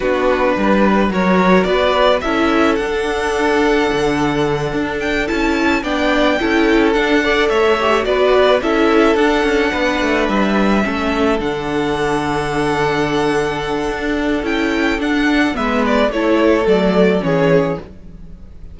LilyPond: <<
  \new Staff \with { instrumentName = "violin" } { \time 4/4 \tempo 4 = 108 b'2 cis''4 d''4 | e''4 fis''2.~ | fis''4 g''8 a''4 g''4.~ | g''8 fis''4 e''4 d''4 e''8~ |
e''8 fis''2 e''4.~ | e''8 fis''2.~ fis''8~ | fis''2 g''4 fis''4 | e''8 d''8 cis''4 d''4 cis''4 | }
  \new Staff \with { instrumentName = "violin" } { \time 4/4 fis'4 b'4 ais'4 b'4 | a'1~ | a'2~ a'8 d''4 a'8~ | a'4 d''8 cis''4 b'4 a'8~ |
a'4. b'2 a'8~ | a'1~ | a'1 | b'4 a'2 gis'4 | }
  \new Staff \with { instrumentName = "viola" } { \time 4/4 d'2 fis'2 | e'4 d'2.~ | d'4. e'4 d'4 e'8~ | e'8 d'8 a'4 g'8 fis'4 e'8~ |
e'8 d'2. cis'8~ | cis'8 d'2.~ d'8~ | d'2 e'4 d'4 | b4 e'4 a4 cis'4 | }
  \new Staff \with { instrumentName = "cello" } { \time 4/4 b4 g4 fis4 b4 | cis'4 d'2 d4~ | d8 d'4 cis'4 b4 cis'8~ | cis'8 d'4 a4 b4 cis'8~ |
cis'8 d'8 cis'8 b8 a8 g4 a8~ | a8 d2.~ d8~ | d4 d'4 cis'4 d'4 | gis4 a4 fis4 e4 | }
>>